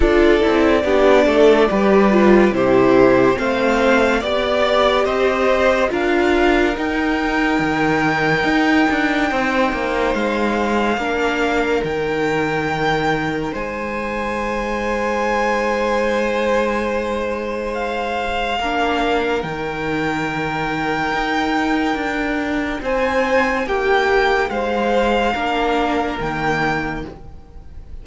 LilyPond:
<<
  \new Staff \with { instrumentName = "violin" } { \time 4/4 \tempo 4 = 71 d''2. c''4 | f''4 d''4 dis''4 f''4 | g''1 | f''2 g''2 |
gis''1~ | gis''4 f''2 g''4~ | g''2. gis''4 | g''4 f''2 g''4 | }
  \new Staff \with { instrumentName = "violin" } { \time 4/4 a'4 g'8 a'8 b'4 g'4 | c''4 d''4 c''4 ais'4~ | ais'2. c''4~ | c''4 ais'2. |
c''1~ | c''2 ais'2~ | ais'2. c''4 | g'4 c''4 ais'2 | }
  \new Staff \with { instrumentName = "viola" } { \time 4/4 f'8 e'8 d'4 g'8 f'8 e'4 | c'4 g'2 f'4 | dis'1~ | dis'4 d'4 dis'2~ |
dis'1~ | dis'2 d'4 dis'4~ | dis'1~ | dis'2 d'4 ais4 | }
  \new Staff \with { instrumentName = "cello" } { \time 4/4 d'8 c'8 b8 a8 g4 c4 | a4 b4 c'4 d'4 | dis'4 dis4 dis'8 d'8 c'8 ais8 | gis4 ais4 dis2 |
gis1~ | gis2 ais4 dis4~ | dis4 dis'4 d'4 c'4 | ais4 gis4 ais4 dis4 | }
>>